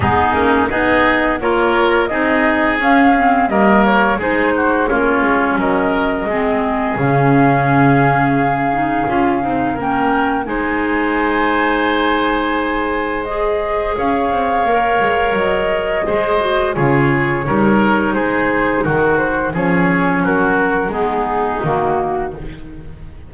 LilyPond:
<<
  \new Staff \with { instrumentName = "flute" } { \time 4/4 \tempo 4 = 86 gis'4 dis''4 cis''4 dis''4 | f''4 dis''8 cis''8 c''4 cis''4 | dis''2 f''2~ | f''2 g''4 gis''4~ |
gis''2. dis''4 | f''2 dis''2 | cis''2 c''4 ais'8 c''8 | cis''4 ais'4 gis'4 fis'4 | }
  \new Staff \with { instrumentName = "oboe" } { \time 4/4 dis'4 gis'4 ais'4 gis'4~ | gis'4 ais'4 gis'8 fis'8 f'4 | ais'4 gis'2.~ | gis'2 ais'4 c''4~ |
c''1 | cis''2. c''4 | gis'4 ais'4 gis'4 fis'4 | gis'4 fis'4 dis'2 | }
  \new Staff \with { instrumentName = "clarinet" } { \time 4/4 b8 cis'8 dis'4 f'4 dis'4 | cis'8 c'8 ais4 dis'4 cis'4~ | cis'4 c'4 cis'2~ | cis'8 dis'8 f'8 dis'8 cis'4 dis'4~ |
dis'2. gis'4~ | gis'4 ais'2 gis'8 fis'8 | f'4 dis'2. | cis'2 b4 ais4 | }
  \new Staff \with { instrumentName = "double bass" } { \time 4/4 gis8 ais8 b4 ais4 c'4 | cis'4 g4 gis4 ais8 gis8 | fis4 gis4 cis2~ | cis4 cis'8 c'8 ais4 gis4~ |
gis1 | cis'8 c'8 ais8 gis8 fis4 gis4 | cis4 g4 gis4 dis4 | f4 fis4 gis4 dis4 | }
>>